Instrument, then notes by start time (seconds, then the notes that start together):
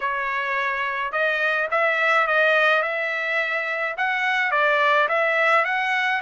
trumpet
0.00 C#5
1.11 D#5
1.70 E5
2.27 D#5
2.82 E5
3.97 F#5
4.51 D5
5.08 E5
5.64 F#5